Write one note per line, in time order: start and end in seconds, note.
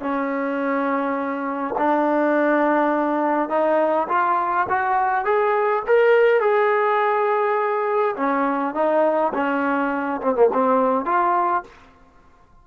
0.00 1.75 C#4
1.78 3.50 D4
3.50 4.08 D#4
4.09 4.67 F4
4.69 5.25 F#4
5.25 5.83 G#4
5.87 6.41 A#4
6.41 8.16 G#4
8.17 8.74 C#4
8.74 9.33 D#4
9.34 10.21 C#4
10.21 10.35 C4
10.35 10.50 A#3
10.53 11.05 C4
11.05 11.63 F4